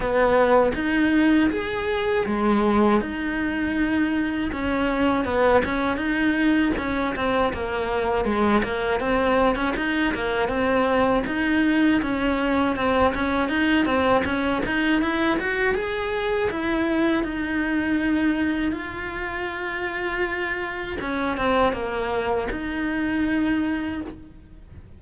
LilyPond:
\new Staff \with { instrumentName = "cello" } { \time 4/4 \tempo 4 = 80 b4 dis'4 gis'4 gis4 | dis'2 cis'4 b8 cis'8 | dis'4 cis'8 c'8 ais4 gis8 ais8 | c'8. cis'16 dis'8 ais8 c'4 dis'4 |
cis'4 c'8 cis'8 dis'8 c'8 cis'8 dis'8 | e'8 fis'8 gis'4 e'4 dis'4~ | dis'4 f'2. | cis'8 c'8 ais4 dis'2 | }